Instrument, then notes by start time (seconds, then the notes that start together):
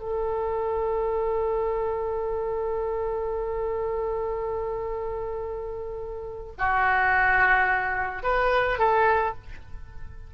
oboe
0.00 A4
6.59 F#4
8.23 B4
8.79 A4